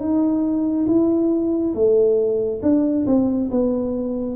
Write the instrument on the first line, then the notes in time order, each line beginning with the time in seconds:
tuba
0.00 D#4
0.87 E4
1.74 A3
2.62 D4
3.07 C4
3.51 B3